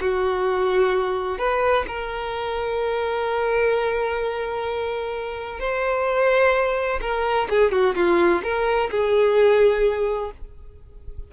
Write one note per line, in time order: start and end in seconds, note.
0.00 1.38 F#4
1.38 1.85 B4
1.87 5.59 A#4
5.59 7.00 C5
7.01 7.48 A#4
7.49 7.71 G#4
7.71 7.95 F#4
7.95 8.42 F4
8.43 8.90 A#4
8.90 10.31 G#4